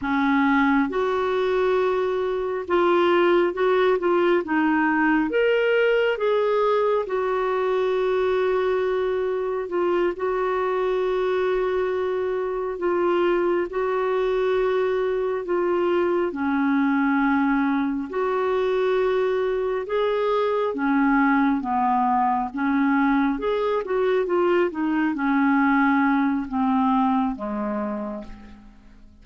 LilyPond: \new Staff \with { instrumentName = "clarinet" } { \time 4/4 \tempo 4 = 68 cis'4 fis'2 f'4 | fis'8 f'8 dis'4 ais'4 gis'4 | fis'2. f'8 fis'8~ | fis'2~ fis'8 f'4 fis'8~ |
fis'4. f'4 cis'4.~ | cis'8 fis'2 gis'4 cis'8~ | cis'8 b4 cis'4 gis'8 fis'8 f'8 | dis'8 cis'4. c'4 gis4 | }